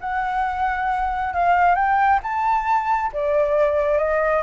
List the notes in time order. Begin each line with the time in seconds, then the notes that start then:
0.00 F#5
1.33 F5
1.75 G5
2.22 A5
3.13 D5
3.98 D#5